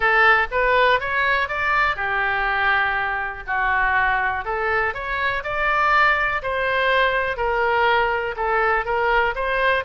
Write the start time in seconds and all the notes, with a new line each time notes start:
0.00 A4
0.51 B4
1.00 C#5
1.48 D5
1.95 G4
3.46 F#4
4.44 A4
4.94 C#5
5.43 D5
6.42 C5
7.36 A#4
8.36 A4
8.85 A#4
9.35 C5